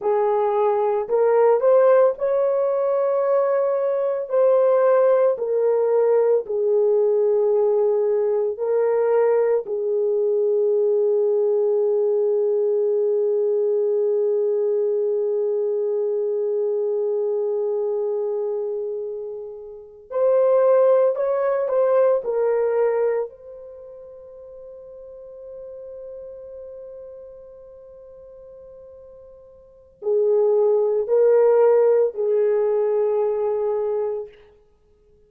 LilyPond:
\new Staff \with { instrumentName = "horn" } { \time 4/4 \tempo 4 = 56 gis'4 ais'8 c''8 cis''2 | c''4 ais'4 gis'2 | ais'4 gis'2.~ | gis'1~ |
gis'2~ gis'8. c''4 cis''16~ | cis''16 c''8 ais'4 c''2~ c''16~ | c''1 | gis'4 ais'4 gis'2 | }